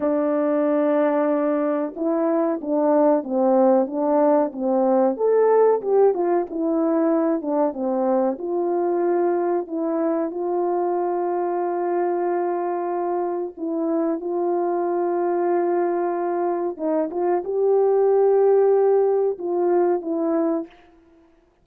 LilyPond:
\new Staff \with { instrumentName = "horn" } { \time 4/4 \tempo 4 = 93 d'2. e'4 | d'4 c'4 d'4 c'4 | a'4 g'8 f'8 e'4. d'8 | c'4 f'2 e'4 |
f'1~ | f'4 e'4 f'2~ | f'2 dis'8 f'8 g'4~ | g'2 f'4 e'4 | }